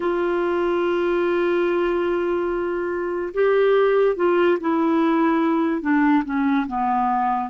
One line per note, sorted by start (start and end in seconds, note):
0.00 3.33 F4
3.33 4.16 G4
4.16 4.58 F4
4.60 5.81 E4
5.81 6.23 D4
6.24 6.66 C#4
6.67 7.50 B3